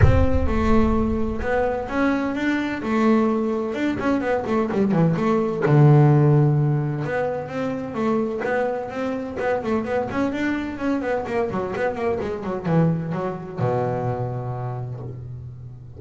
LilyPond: \new Staff \with { instrumentName = "double bass" } { \time 4/4 \tempo 4 = 128 c'4 a2 b4 | cis'4 d'4 a2 | d'8 cis'8 b8 a8 g8 e8 a4 | d2. b4 |
c'4 a4 b4 c'4 | b8 a8 b8 cis'8 d'4 cis'8 b8 | ais8 fis8 b8 ais8 gis8 fis8 e4 | fis4 b,2. | }